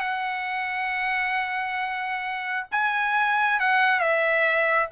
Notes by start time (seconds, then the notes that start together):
0.00 F#5
2.71 G#5
3.60 F#5
3.99 E5